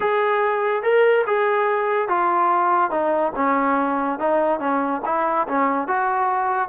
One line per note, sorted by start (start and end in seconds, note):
0.00 0.82 G#4
0.82 1.24 A#4
1.26 2.08 G#4
2.08 2.90 F4
2.90 3.32 D#4
3.35 4.19 C#4
4.19 4.59 D#4
4.59 5.01 C#4
5.05 5.47 E4
5.48 5.87 C#4
5.87 6.68 F#4